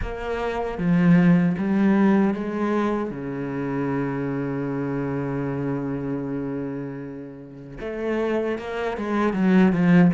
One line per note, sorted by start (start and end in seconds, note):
0.02 0.78 A#3
0.78 1.55 F3
1.58 2.33 G3
2.33 3.10 G#3
3.10 7.77 C#3
7.80 8.58 A3
8.58 8.97 A#3
8.97 9.33 G#3
9.33 9.72 F#3
9.72 10.11 F3